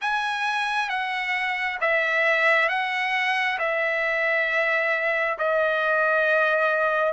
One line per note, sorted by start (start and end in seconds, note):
0.01 0.89 G#5
0.89 1.78 F#5
1.81 2.68 E5
2.68 3.58 F#5
3.59 5.38 E5
5.38 7.13 D#5